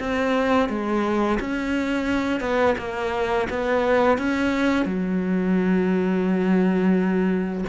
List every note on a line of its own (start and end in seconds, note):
0.00 0.69 C4
0.69 1.39 G#3
1.40 2.41 C#4
2.41 2.76 B3
2.78 3.48 A#3
3.50 4.19 B3
4.19 4.86 C#4
4.86 7.65 F#3